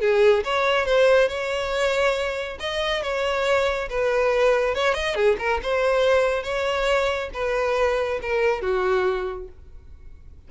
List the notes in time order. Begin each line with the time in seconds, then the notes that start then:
0.00 G#4
0.44 C#5
0.85 C5
1.28 C#5
2.59 D#5
3.02 C#5
3.89 B4
4.74 C#5
4.94 D#5
5.14 G#4
5.38 A#4
5.62 C5
6.43 C#5
7.33 B4
8.21 A#4
8.61 F#4